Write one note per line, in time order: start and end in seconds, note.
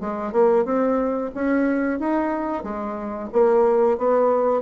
0.00 0.32 G#3
0.32 0.65 A#3
0.65 1.31 C4
1.35 1.99 C#4
1.99 2.63 D#4
2.63 3.29 G#3
3.32 3.98 A#3
3.98 4.61 B3